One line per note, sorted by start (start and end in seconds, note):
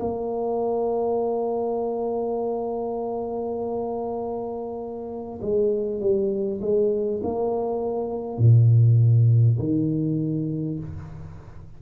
0.00 5.40 A#3
5.42 6.01 G#3
6.01 6.61 G3
6.62 7.22 G#3
7.23 8.38 A#3
8.38 9.58 A#2
9.59 10.79 D#3